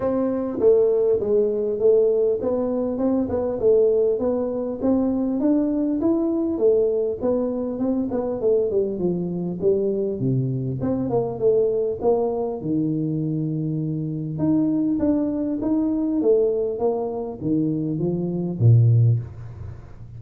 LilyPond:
\new Staff \with { instrumentName = "tuba" } { \time 4/4 \tempo 4 = 100 c'4 a4 gis4 a4 | b4 c'8 b8 a4 b4 | c'4 d'4 e'4 a4 | b4 c'8 b8 a8 g8 f4 |
g4 c4 c'8 ais8 a4 | ais4 dis2. | dis'4 d'4 dis'4 a4 | ais4 dis4 f4 ais,4 | }